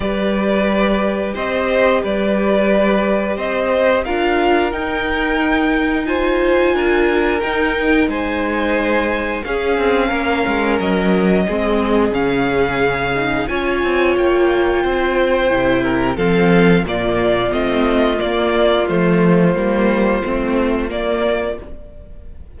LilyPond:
<<
  \new Staff \with { instrumentName = "violin" } { \time 4/4 \tempo 4 = 89 d''2 dis''4 d''4~ | d''4 dis''4 f''4 g''4~ | g''4 gis''2 g''4 | gis''2 f''2 |
dis''2 f''2 | gis''4 g''2. | f''4 d''4 dis''4 d''4 | c''2. d''4 | }
  \new Staff \with { instrumentName = "violin" } { \time 4/4 b'2 c''4 b'4~ | b'4 c''4 ais'2~ | ais'4 c''4 ais'2 | c''2 gis'4 ais'4~ |
ais'4 gis'2. | cis''2 c''4. ais'8 | a'4 f'2.~ | f'1 | }
  \new Staff \with { instrumentName = "viola" } { \time 4/4 g'1~ | g'2 f'4 dis'4~ | dis'4 f'2 dis'4~ | dis'2 cis'2~ |
cis'4 c'4 cis'4. dis'8 | f'2. e'4 | c'4 ais4 c'4 ais4 | a4 ais4 c'4 ais4 | }
  \new Staff \with { instrumentName = "cello" } { \time 4/4 g2 c'4 g4~ | g4 c'4 d'4 dis'4~ | dis'2 d'4 dis'4 | gis2 cis'8 c'8 ais8 gis8 |
fis4 gis4 cis2 | cis'8 c'8 ais4 c'4 c4 | f4 ais,4 a4 ais4 | f4 g4 a4 ais4 | }
>>